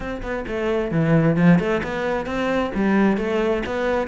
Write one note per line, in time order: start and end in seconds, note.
0.00 0.21 C4
0.22 0.45 B3
0.47 0.91 A3
0.91 1.36 E3
1.36 1.59 F3
1.59 1.81 A3
1.83 2.25 B3
2.25 2.71 C4
2.74 3.17 G3
3.17 3.62 A3
3.66 4.07 B3